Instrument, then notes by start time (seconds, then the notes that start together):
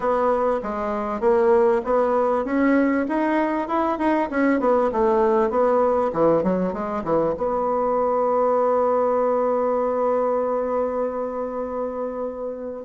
bassoon
0.00 B3
0.63 G#3
1.20 A#3
1.84 B3
2.45 C#4
3.08 D#4
3.68 E4
3.98 D#4
4.30 C#4
4.60 B3
4.92 A3
5.50 B3
6.12 E3
6.43 F#3
6.73 G#3
7.04 E3
7.37 B3